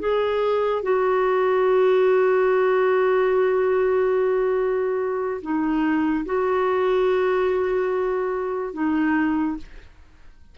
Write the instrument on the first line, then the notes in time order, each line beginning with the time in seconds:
clarinet
0.00 G#4
0.83 F#4
5.42 D#4
6.26 F#4
8.74 D#4